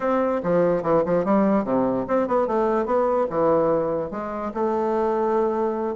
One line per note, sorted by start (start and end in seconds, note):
0.00 0.41 C4
0.43 0.83 F3
0.83 1.03 E3
1.05 1.24 F3
1.24 1.64 G3
1.64 2.05 C3
2.07 2.27 C4
2.27 2.47 B3
2.47 2.85 A3
2.85 3.26 B3
3.30 4.10 E3
4.10 4.51 G#3
4.54 5.95 A3